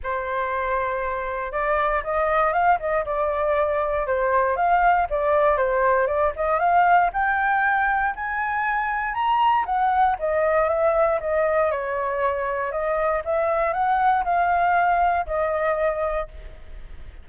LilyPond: \new Staff \with { instrumentName = "flute" } { \time 4/4 \tempo 4 = 118 c''2. d''4 | dis''4 f''8 dis''8 d''2 | c''4 f''4 d''4 c''4 | d''8 dis''8 f''4 g''2 |
gis''2 ais''4 fis''4 | dis''4 e''4 dis''4 cis''4~ | cis''4 dis''4 e''4 fis''4 | f''2 dis''2 | }